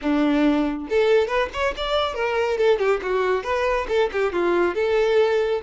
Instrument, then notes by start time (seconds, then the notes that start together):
violin
0.01 D4
0.89 A4
1.27 B4
1.53 C#5
1.77 D5
2.14 A#4
2.57 A4
2.78 G4
3.02 F#4
3.43 B4
3.88 A4
4.12 G4
4.32 F4
4.74 A4